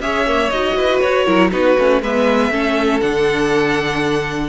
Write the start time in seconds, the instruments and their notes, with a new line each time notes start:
0.00 cello C#4, viola G#4, violin C#5 E5
0.27 viola A#3
0.50 cello D#4, viola F#4, violin D#5
0.76 cello E4, violin B4
1.01 cello F#4, violin C#5
1.26 cello F#3, viola E4, violin A#4
1.51 cello B3, viola D#4, violin F#4 B4
1.78 cello A3, viola C#4
2.02 cello G#3, viola B3, violin B4 E5
2.51 cello A3, viola C#4, violin A4
3.00 cello D3, viola D4, violin F#5